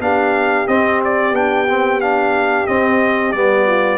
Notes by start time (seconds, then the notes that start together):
0.00 B3 D4 G4 F5
0.68 C4 D#5
1.05 D5
1.31 B3 D4 G5
1.70 C4
2.01 D4 F5
2.67 C4 D#5
3.32 G3 B3 D5
3.67 F4